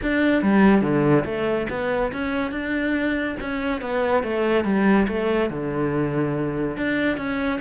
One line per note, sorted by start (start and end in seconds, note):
0.02 0.42 D4
0.42 0.81 G3
0.81 1.23 D3
1.25 1.67 A3
1.69 2.12 B3
2.12 2.51 C#4
2.51 3.35 D4
3.40 3.81 C#4
3.81 4.23 B3
4.23 4.64 A3
4.64 5.06 G3
5.07 5.49 A3
5.49 6.76 D3
6.76 7.17 D4
7.17 7.59 C#4